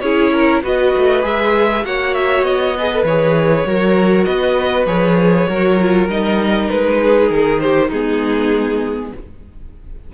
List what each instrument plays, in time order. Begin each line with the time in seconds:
0.00 cello C#4, viola E4, violin G#4 C#5
0.33 violin A#4
0.63 cello B3, viola F#4, violin B4 D#5
0.97 cello A3
1.23 cello G#3, viola G#4, violin E5
1.84 cello A#3, viola F#4, violin C#5 F#5
2.14 violin E5
2.42 cello B3, violin D#5
2.77 viola G#4, violin B4
2.93 viola A4
3.04 cello E3, viola G#4, violin C#5
3.66 cello F#3, viola F#4, violin A#4
4.25 cello B3, violin B4 D#5
4.86 cello F3, viola G#4, violin C#5
5.47 cello F#3, viola F#4, violin A#4
5.81 viola F4
6.08 cello G3, viola D#4, violin D#5
6.69 cello G#3, violin B4
7.03 violin G#4
7.30 cello D#3, violin A#4
7.60 violin G4 C5
7.89 cello G#3, viola B3, violin D#4 G#4